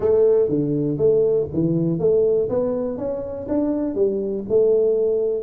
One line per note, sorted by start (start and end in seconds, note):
0.00 0.48 A3
0.48 0.97 D3
0.97 1.47 A3
1.53 1.99 E3
1.99 2.49 A3
2.49 2.97 B3
2.97 3.47 C#4
3.48 3.94 D4
3.94 4.44 G3
4.49 5.43 A3